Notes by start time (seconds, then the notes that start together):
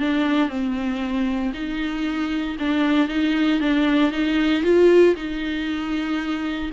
0.00 D4
0.49 C4
1.54 D#4
2.60 D4
3.09 D#4
3.61 D4
4.12 D#4
4.64 F4
5.16 D#4